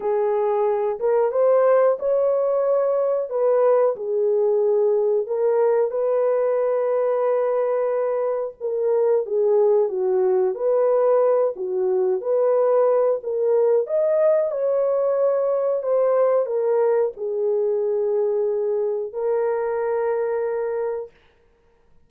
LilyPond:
\new Staff \with { instrumentName = "horn" } { \time 4/4 \tempo 4 = 91 gis'4. ais'8 c''4 cis''4~ | cis''4 b'4 gis'2 | ais'4 b'2.~ | b'4 ais'4 gis'4 fis'4 |
b'4. fis'4 b'4. | ais'4 dis''4 cis''2 | c''4 ais'4 gis'2~ | gis'4 ais'2. | }